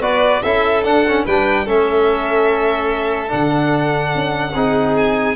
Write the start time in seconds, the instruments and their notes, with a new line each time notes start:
0.00 tuba B3, trombone F#4, violin B4 D5
0.42 tuba C#4, trombone E4, violin A4 E5
0.83 trombone D4, tuba D4, violin F#5
1.07 trombone C#4
1.25 tuba G3, trombone D4, violin B4 G5
1.64 tuba A3, trombone C#4, violin A4 E5
3.28 tuba D3, trombone D4, violin F#5
4.15 tuba C#4
4.54 tuba C4, trombone D#4, violin G#4
4.97 violin G#5